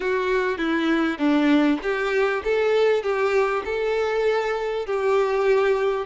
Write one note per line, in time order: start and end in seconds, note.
0.00 0.58 F#4
0.58 1.18 E4
1.18 1.79 D4
1.82 2.42 G4
2.44 3.02 A4
3.02 3.63 G4
3.64 4.86 A4
4.86 6.06 G4